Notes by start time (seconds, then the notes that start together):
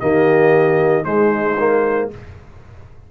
0.00 D#3 A#3 G4 D#5
1.04 G#3 D#4 C5
1.59 A#3